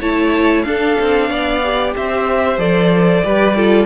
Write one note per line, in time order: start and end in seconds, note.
0.00 0.65 A3
0.00 0.65 E4
0.00 0.65 C#5
0.00 0.63 A5
0.63 0.97 D4
0.63 1.62 D4
0.63 1.30 A4
0.63 1.92 F5
1.01 1.30 C4
1.30 1.95 B3
1.30 1.94 D5
1.64 2.59 G4
1.96 2.58 C4
1.96 3.24 C5
1.96 2.59 E5
2.58 3.22 F3
2.58 3.23 A4
2.58 3.86 D5
3.23 3.86 G3
3.23 3.55 G4
3.23 3.56 B4
3.56 3.86 F4
3.56 3.86 A4